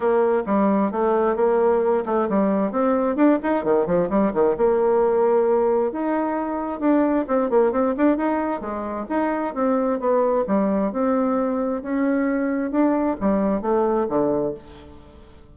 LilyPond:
\new Staff \with { instrumentName = "bassoon" } { \time 4/4 \tempo 4 = 132 ais4 g4 a4 ais4~ | ais8 a8 g4 c'4 d'8 dis'8 | dis8 f8 g8 dis8 ais2~ | ais4 dis'2 d'4 |
c'8 ais8 c'8 d'8 dis'4 gis4 | dis'4 c'4 b4 g4 | c'2 cis'2 | d'4 g4 a4 d4 | }